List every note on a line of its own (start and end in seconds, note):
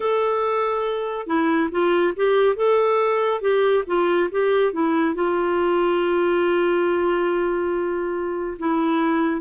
0.00 1.27 A4
1.27 1.69 E4
1.71 2.14 F4
2.16 2.56 G4
2.56 3.41 A4
3.41 3.84 G4
3.86 4.29 F4
4.31 4.72 G4
4.72 5.14 E4
5.14 8.57 F4
8.58 9.41 E4